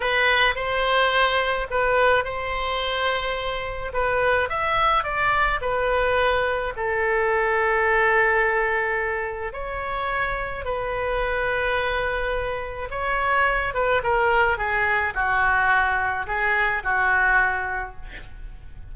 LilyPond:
\new Staff \with { instrumentName = "oboe" } { \time 4/4 \tempo 4 = 107 b'4 c''2 b'4 | c''2. b'4 | e''4 d''4 b'2 | a'1~ |
a'4 cis''2 b'4~ | b'2. cis''4~ | cis''8 b'8 ais'4 gis'4 fis'4~ | fis'4 gis'4 fis'2 | }